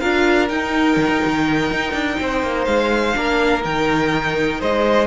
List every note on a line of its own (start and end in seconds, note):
0.00 0.50 D4
0.00 0.48 F4
0.00 2.19 A#4
0.00 0.48 F5
0.48 3.14 D#4
0.48 0.97 D#4
0.48 2.65 G5
0.97 1.08 D#3
1.08 1.20 D#4
1.26 1.71 D#3
1.71 1.93 D#4
1.93 2.17 D4
2.20 2.42 C4
2.20 3.16 C5
2.42 2.66 A#3
2.65 3.15 G#3
2.65 3.62 F5
3.15 3.65 A#3
3.15 3.61 D4
3.15 4.60 A#4
3.61 4.61 D#3
3.61 5.06 D#4
3.61 4.61 G5
4.60 5.07 G#3
4.60 5.07 C5
4.60 5.07 D#5